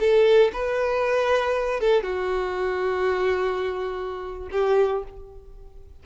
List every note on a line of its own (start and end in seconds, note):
0.00 0.52 A4
0.53 1.80 B4
1.80 2.03 A4
2.03 4.49 F#4
4.52 5.03 G4